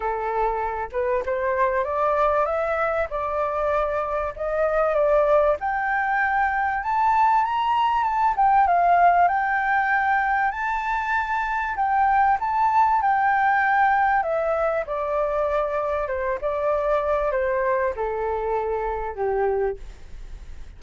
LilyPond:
\new Staff \with { instrumentName = "flute" } { \time 4/4 \tempo 4 = 97 a'4. b'8 c''4 d''4 | e''4 d''2 dis''4 | d''4 g''2 a''4 | ais''4 a''8 g''8 f''4 g''4~ |
g''4 a''2 g''4 | a''4 g''2 e''4 | d''2 c''8 d''4. | c''4 a'2 g'4 | }